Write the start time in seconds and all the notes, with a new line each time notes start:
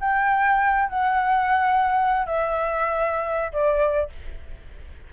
0.00 G5
0.89 F#5
2.26 E5
3.52 D5